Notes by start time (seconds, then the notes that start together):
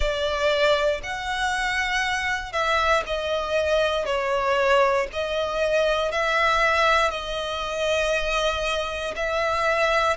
0.00 D5
1.03 F#5
2.52 E5
3.06 D#5
4.05 C#5
5.13 D#5
6.11 E5
7.10 D#5
9.15 E5